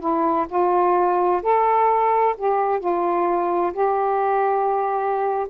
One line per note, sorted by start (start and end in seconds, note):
0.00 0.47 E4
0.49 1.42 F4
1.42 2.36 A4
2.38 2.80 G4
2.80 3.73 F4
3.73 5.47 G4